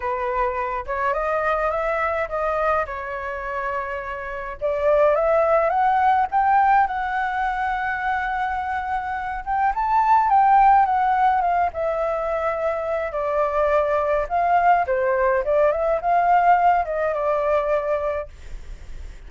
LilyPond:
\new Staff \with { instrumentName = "flute" } { \time 4/4 \tempo 4 = 105 b'4. cis''8 dis''4 e''4 | dis''4 cis''2. | d''4 e''4 fis''4 g''4 | fis''1~ |
fis''8 g''8 a''4 g''4 fis''4 | f''8 e''2~ e''8 d''4~ | d''4 f''4 c''4 d''8 e''8 | f''4. dis''8 d''2 | }